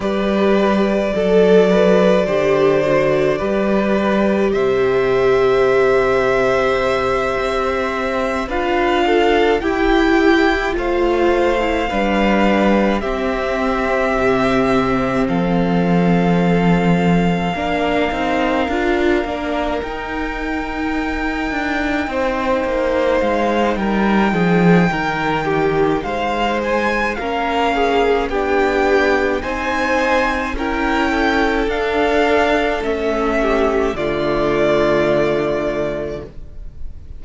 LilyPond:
<<
  \new Staff \with { instrumentName = "violin" } { \time 4/4 \tempo 4 = 53 d''1 | e''2.~ e''8 f''8~ | f''8 g''4 f''2 e''8~ | e''4. f''2~ f''8~ |
f''4. g''2~ g''8~ | g''8 f''8 g''2 f''8 gis''8 | f''4 g''4 gis''4 g''4 | f''4 e''4 d''2 | }
  \new Staff \with { instrumentName = "violin" } { \time 4/4 b'4 a'8 b'8 c''4 b'4 | c''2.~ c''8 b'8 | a'8 g'4 c''4 b'4 g'8~ | g'4. a'2 ais'8~ |
ais'2.~ ais'8 c''8~ | c''4 ais'8 gis'8 ais'8 g'8 c''4 | ais'8 gis'8 g'4 c''4 ais'8 a'8~ | a'4. g'8 f'2 | }
  \new Staff \with { instrumentName = "viola" } { \time 4/4 g'4 a'4 g'8 fis'8 g'4~ | g'2.~ g'8 f'8~ | f'8 e'4 f'8. e'16 d'4 c'8~ | c'2.~ c'8 d'8 |
dis'8 f'8 d'8 dis'2~ dis'8~ | dis'1 | cis'4 d'4 dis'4 e'4 | d'4 cis'4 a2 | }
  \new Staff \with { instrumentName = "cello" } { \time 4/4 g4 fis4 d4 g4 | c2~ c8 c'4 d'8~ | d'8 e'4 a4 g4 c'8~ | c'8 c4 f2 ais8 |
c'8 d'8 ais8 dis'4. d'8 c'8 | ais8 gis8 g8 f8 dis4 gis4 | ais4 b4 c'4 cis'4 | d'4 a4 d2 | }
>>